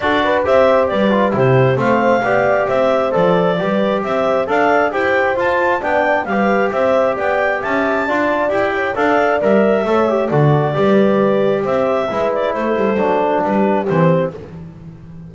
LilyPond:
<<
  \new Staff \with { instrumentName = "clarinet" } { \time 4/4 \tempo 4 = 134 d''4 e''4 d''4 c''4 | f''2 e''4 d''4~ | d''4 e''4 f''4 g''4 | a''4 g''4 f''4 e''4 |
g''4 a''2 g''4 | f''4 e''2 d''4~ | d''2 e''4. d''8 | c''2 b'4 c''4 | }
  \new Staff \with { instrumentName = "horn" } { \time 4/4 a'8 b'8 c''4 b'4 g'4 | c''4 d''4 c''2 | b'4 c''4 d''4 c''4~ | c''4 d''4 b'4 c''4 |
d''4 e''4 d''4. cis''8 | d''2 cis''4 a'4 | b'2 c''4 b'4 | a'2 g'2 | }
  \new Staff \with { instrumentName = "trombone" } { \time 4/4 fis'4 g'4. f'8 e'4 | c'4 g'2 a'4 | g'2 a'4 g'4 | f'4 d'4 g'2~ |
g'2 f'4 g'4 | a'4 ais'4 a'8 g'8 fis'4 | g'2. e'4~ | e'4 d'2 c'4 | }
  \new Staff \with { instrumentName = "double bass" } { \time 4/4 d'4 c'4 g4 c4 | a4 b4 c'4 f4 | g4 c'4 d'4 e'4 | f'4 b4 g4 c'4 |
b4 cis'4 d'4 e'4 | d'4 g4 a4 d4 | g2 c'4 gis4 | a8 g8 fis4 g4 e4 | }
>>